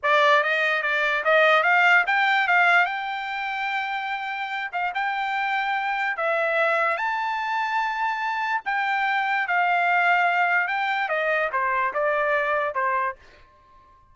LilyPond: \new Staff \with { instrumentName = "trumpet" } { \time 4/4 \tempo 4 = 146 d''4 dis''4 d''4 dis''4 | f''4 g''4 f''4 g''4~ | g''2.~ g''8 f''8 | g''2. e''4~ |
e''4 a''2.~ | a''4 g''2 f''4~ | f''2 g''4 dis''4 | c''4 d''2 c''4 | }